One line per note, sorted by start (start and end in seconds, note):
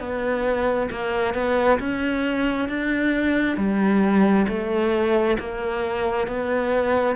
0.00 0.90 B3
0.91 1.34 A#3
1.34 1.79 B3
1.80 2.69 C#4
2.69 3.57 D4
3.57 4.47 G3
4.48 5.38 A3
5.39 6.27 A#3
6.27 7.16 B3